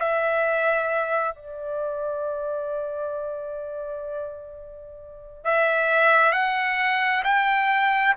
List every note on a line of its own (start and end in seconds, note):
0.00 1.36 E5
1.36 5.45 D5
5.45 6.32 E5
6.32 7.23 F#5
7.24 8.15 G5